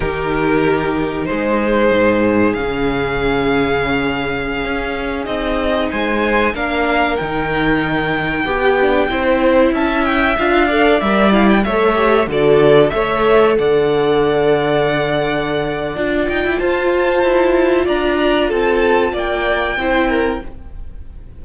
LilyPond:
<<
  \new Staff \with { instrumentName = "violin" } { \time 4/4 \tempo 4 = 94 ais'2 c''2 | f''1~ | f''16 dis''4 gis''4 f''4 g''8.~ | g''2.~ g''16 a''8 g''16~ |
g''16 f''4 e''8 f''16 g''16 e''4 d''8.~ | d''16 e''4 fis''2~ fis''8.~ | fis''4. g''8 a''2 | ais''4 a''4 g''2 | }
  \new Staff \with { instrumentName = "violin" } { \time 4/4 g'2 gis'2~ | gis'1~ | gis'4~ gis'16 c''4 ais'4.~ ais'16~ | ais'4~ ais'16 g'4 c''4 e''8.~ |
e''8. d''4. cis''4 a'8.~ | a'16 cis''4 d''2~ d''8.~ | d''2 c''2 | d''4 a'4 d''4 c''8 ais'8 | }
  \new Staff \with { instrumentName = "viola" } { \time 4/4 dis'1 | cis'1~ | cis'16 dis'2 d'4 dis'8.~ | dis'4~ dis'16 g'8 d'8 e'4.~ e'16~ |
e'16 f'8 a'8 ais'8 e'8 a'8 g'8 fis'8.~ | fis'16 a'2.~ a'8.~ | a'4 f'2.~ | f'2. e'4 | }
  \new Staff \with { instrumentName = "cello" } { \time 4/4 dis2 gis4 gis,4 | cis2.~ cis16 cis'8.~ | cis'16 c'4 gis4 ais4 dis8.~ | dis4~ dis16 b4 c'4 cis'8.~ |
cis'16 d'4 g4 a4 d8.~ | d16 a4 d2~ d8.~ | d4 d'8 dis'16 e'16 f'4 e'4 | d'4 c'4 ais4 c'4 | }
>>